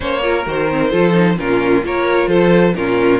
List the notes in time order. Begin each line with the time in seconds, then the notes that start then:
0.00 A#3 C#4 C5 C#5
0.21 F4 A#4
0.45 D#3 F#4 C5
0.70 C4
0.90 F3 F4 A4
1.12 D#4
1.38 A#2 C#4 F4 A#4
1.83 A#3 F4 A#4 C#5
2.27 F3 A4 C5
2.75 A#2 C#4 F4 A#4